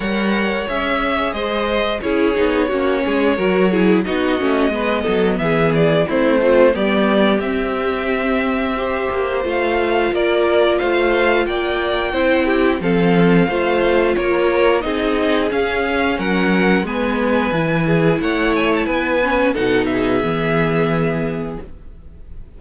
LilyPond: <<
  \new Staff \with { instrumentName = "violin" } { \time 4/4 \tempo 4 = 89 fis''4 e''4 dis''4 cis''4~ | cis''2 dis''2 | e''8 d''8 c''4 d''4 e''4~ | e''2 f''4 d''4 |
f''4 g''2 f''4~ | f''4 cis''4 dis''4 f''4 | fis''4 gis''2 fis''8 gis''16 a''16 | gis''4 fis''8 e''2~ e''8 | }
  \new Staff \with { instrumentName = "violin" } { \time 4/4 cis''2 c''4 gis'4 | fis'8 gis'8 ais'8 gis'8 fis'4 b'8 a'8 | gis'4 e'8 c'8 g'2~ | g'4 c''2 ais'4 |
c''4 d''4 c''8 g'8 a'4 | c''4 ais'4 gis'2 | ais'4 b'4. gis'8 cis''4 | b'4 a'8 gis'2~ gis'8 | }
  \new Staff \with { instrumentName = "viola" } { \time 4/4 ais'4 gis'2 e'8 dis'8 | cis'4 fis'8 e'8 dis'8 cis'8 b4~ | b4 c'8 f'8 b4 c'4~ | c'4 g'4 f'2~ |
f'2 e'4 c'4 | f'2 dis'4 cis'4~ | cis'4 b4 e'2~ | e'8 cis'8 dis'4 b2 | }
  \new Staff \with { instrumentName = "cello" } { \time 4/4 g4 cis'4 gis4 cis'8 b8 | ais8 gis8 fis4 b8 a8 gis8 fis8 | e4 a4 g4 c'4~ | c'4. ais8 a4 ais4 |
a4 ais4 c'4 f4 | a4 ais4 c'4 cis'4 | fis4 gis4 e4 a4 | b4 b,4 e2 | }
>>